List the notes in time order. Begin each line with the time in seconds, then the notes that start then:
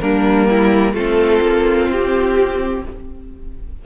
0.00 G3 A#3 D4 A#4
0.49 E4
0.93 A3 C4 F4 A4
1.41 A#3
1.88 C4 G4